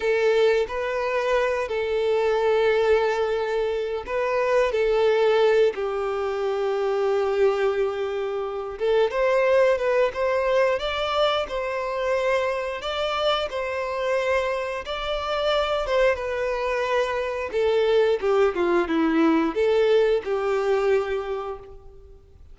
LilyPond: \new Staff \with { instrumentName = "violin" } { \time 4/4 \tempo 4 = 89 a'4 b'4. a'4.~ | a'2 b'4 a'4~ | a'8 g'2.~ g'8~ | g'4 a'8 c''4 b'8 c''4 |
d''4 c''2 d''4 | c''2 d''4. c''8 | b'2 a'4 g'8 f'8 | e'4 a'4 g'2 | }